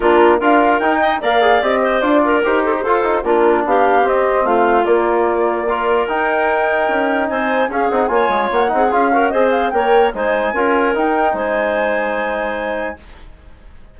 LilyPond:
<<
  \new Staff \with { instrumentName = "flute" } { \time 4/4 \tempo 4 = 148 ais'4 f''4 g''4 f''4 | dis''4 d''4 c''2 | ais'4 f''4 dis''4 f''4 | d''2. g''4~ |
g''2 gis''4 f''8 fis''8 | gis''4 fis''4 f''4 dis''8 f''8 | g''4 gis''2 g''4 | gis''1 | }
  \new Staff \with { instrumentName = "clarinet" } { \time 4/4 f'4 ais'4. dis''8 d''4~ | d''8 c''4 ais'4 a'16 g'16 a'4 | f'4 g'2 f'4~ | f'2 ais'2~ |
ais'2 c''4 gis'4 | cis''4. gis'4 ais'8 c''4 | cis''4 c''4 ais'2 | c''1 | }
  \new Staff \with { instrumentName = "trombone" } { \time 4/4 d'4 f'4 dis'4 ais'8 gis'8 | g'4 f'4 g'4 f'8 dis'8 | d'2 c'2 | ais2 f'4 dis'4~ |
dis'2. cis'8 dis'8 | f'4. dis'8 f'8 fis'8 gis'4 | ais'4 dis'4 f'4 dis'4~ | dis'1 | }
  \new Staff \with { instrumentName = "bassoon" } { \time 4/4 ais4 d'4 dis'4 ais4 | c'4 d'4 dis'4 f'4 | ais4 b4 c'4 a4 | ais2. dis'4~ |
dis'4 cis'4 c'4 cis'8 c'8 | ais8 gis8 ais8 c'8 cis'4 c'4 | ais4 gis4 cis'4 dis'4 | gis1 | }
>>